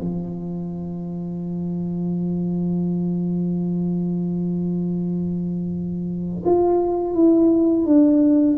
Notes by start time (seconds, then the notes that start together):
0.00 F3
6.45 F4
7.14 E4
7.86 D4